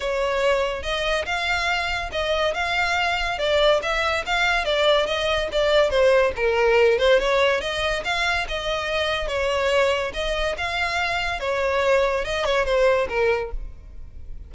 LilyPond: \new Staff \with { instrumentName = "violin" } { \time 4/4 \tempo 4 = 142 cis''2 dis''4 f''4~ | f''4 dis''4 f''2 | d''4 e''4 f''4 d''4 | dis''4 d''4 c''4 ais'4~ |
ais'8 c''8 cis''4 dis''4 f''4 | dis''2 cis''2 | dis''4 f''2 cis''4~ | cis''4 dis''8 cis''8 c''4 ais'4 | }